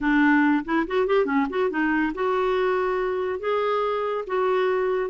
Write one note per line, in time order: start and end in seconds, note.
0.00 0.64 D4
0.65 0.86 E4
0.87 1.06 F#4
1.06 1.25 G4
1.25 1.46 C#4
1.49 1.69 F#4
1.69 2.12 D#4
2.14 3.39 F#4
3.39 4.24 G#4
4.26 5.10 F#4